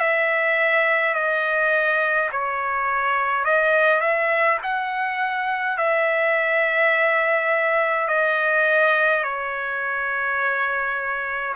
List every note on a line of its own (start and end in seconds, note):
0.00 1.14 E5
1.14 2.30 D#5
2.32 3.45 C#5
3.45 4.01 D#5
4.01 4.58 E5
4.63 5.77 F#5
5.77 8.08 E5
8.08 9.23 D#5
9.23 11.54 C#5